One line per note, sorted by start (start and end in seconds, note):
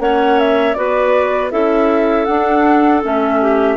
0.00 0.76 A#3
0.00 0.76 C#4
0.00 0.78 C#5
0.00 0.39 F#5
0.40 0.74 E5
0.74 1.53 B3
0.74 1.51 F#4
0.74 1.52 B4
0.74 1.50 D5
1.51 2.28 C#4
1.51 2.27 E4
1.51 3.42 A4
1.51 2.26 E5
2.26 3.04 D4
2.26 3.02 F#5
3.04 3.78 A3
3.04 3.78 C#4
3.04 3.78 E5
3.42 3.78 G4